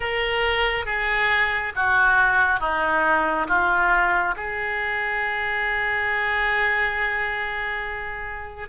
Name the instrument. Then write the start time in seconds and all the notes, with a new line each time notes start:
oboe
0.00 A#4
0.85 G#4
1.75 F#4
2.60 D#4
3.47 F4
4.36 G#4